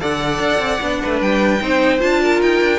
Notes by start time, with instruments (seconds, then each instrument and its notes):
0.00 cello D3, viola A4, violin D5 F#5
0.40 cello D4
0.59 cello C4
0.81 cello B3, viola D4
1.02 cello A3, violin B4
1.21 cello G3, violin G5
1.60 cello C4, viola D#4, violin C5
1.99 cello D4, viola F4, violin A5
2.23 violin A#4
2.42 cello D#4, violin G5
2.61 cello D4